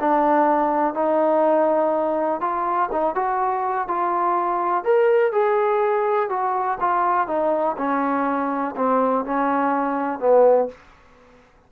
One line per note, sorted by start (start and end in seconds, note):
0.00 0.94 D4
0.94 2.40 D#4
2.40 2.89 F4
2.92 3.15 D#4
3.15 3.87 F#4
3.87 4.84 F4
4.84 5.32 A#4
5.32 6.29 G#4
6.29 6.78 F#4
6.80 7.27 F4
7.27 7.76 D#4
7.77 8.75 C#4
8.76 9.25 C4
9.25 10.19 C#4
10.19 10.68 B3